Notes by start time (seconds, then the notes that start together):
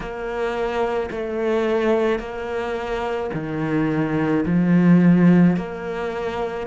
0.00 A#3
1.11 A3
2.19 A#3
3.33 D#3
4.45 F3
5.56 A#3